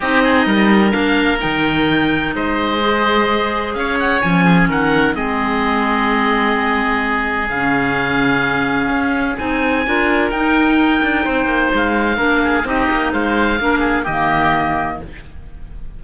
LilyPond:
<<
  \new Staff \with { instrumentName = "oboe" } { \time 4/4 \tempo 4 = 128 dis''2 f''4 g''4~ | g''4 dis''2. | f''8 fis''8 gis''4 fis''4 dis''4~ | dis''1 |
f''1 | gis''2 g''2~ | g''4 f''2 dis''4 | f''2 dis''2 | }
  \new Staff \with { instrumentName = "oboe" } { \time 4/4 g'8 gis'8 ais'2.~ | ais'4 c''2. | cis''4. gis'8 ais'4 gis'4~ | gis'1~ |
gis'1~ | gis'4 ais'2. | c''2 ais'8 gis'8 g'4 | c''4 ais'8 gis'8 g'2 | }
  \new Staff \with { instrumentName = "clarinet" } { \time 4/4 dis'2 d'4 dis'4~ | dis'2 gis'2~ | gis'4 cis'2 c'4~ | c'1 |
cis'1 | dis'4 f'4 dis'2~ | dis'2 d'4 dis'4~ | dis'4 d'4 ais2 | }
  \new Staff \with { instrumentName = "cello" } { \time 4/4 c'4 g4 ais4 dis4~ | dis4 gis2. | cis'4 f4 dis4 gis4~ | gis1 |
cis2. cis'4 | c'4 d'4 dis'4. d'8 | c'8 ais8 gis4 ais4 c'8 ais8 | gis4 ais4 dis2 | }
>>